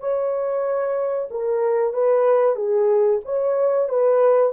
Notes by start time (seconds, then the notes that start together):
0.00 C#5
1.31 A#4
1.94 B4
2.56 G#4
3.25 C#5
3.89 B4